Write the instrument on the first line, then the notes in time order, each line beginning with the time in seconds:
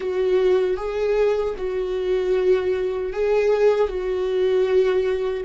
viola
0.00 F#4
0.77 G#4
1.57 F#4
3.12 G#4
3.87 F#4